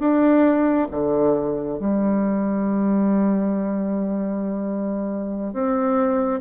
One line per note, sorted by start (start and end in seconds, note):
0.00 0.88 D4
0.92 1.80 D3
1.80 5.53 G3
5.53 6.41 C4